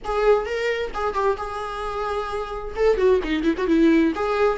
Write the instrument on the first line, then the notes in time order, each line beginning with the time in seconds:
viola
0.04 G#4
0.45 A#4
0.93 G#4
1.14 G4
1.37 G#4
2.76 A4
2.97 F#4
3.23 D#4
3.43 E4
3.57 F#4
3.67 E4
4.15 G#4